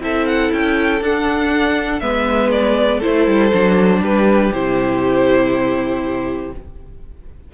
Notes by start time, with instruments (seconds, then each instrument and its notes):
0.00 cello C4, viola E4, violin A4 E5
0.27 violin F#5
0.53 cello C#4, violin G5
1.01 cello D4, viola D4, violin F#5
2.00 cello G#3, viola B3, violin B4 E5
2.51 violin D5
2.99 viola E4, violin A4 C5
3.06 cello A3
3.27 cello G3
3.52 cello F#3, viola D4
4.01 cello G3, violin G4 B4
4.53 cello C3, viola E4, violin C5